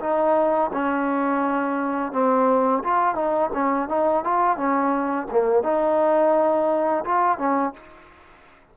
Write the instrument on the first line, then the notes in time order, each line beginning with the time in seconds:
trombone
0.00 D#4
0.73 C#4
2.12 C4
2.84 F4
3.15 D#4
3.53 C#4
3.89 D#4
4.24 F4
4.57 C#4
5.31 A#3
5.63 D#4
7.05 F4
7.38 C#4